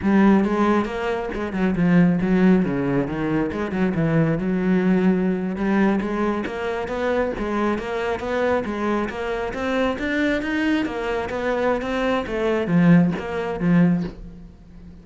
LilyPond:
\new Staff \with { instrumentName = "cello" } { \time 4/4 \tempo 4 = 137 g4 gis4 ais4 gis8 fis8 | f4 fis4 cis4 dis4 | gis8 fis8 e4 fis2~ | fis8. g4 gis4 ais4 b16~ |
b8. gis4 ais4 b4 gis16~ | gis8. ais4 c'4 d'4 dis'16~ | dis'8. ais4 b4~ b16 c'4 | a4 f4 ais4 f4 | }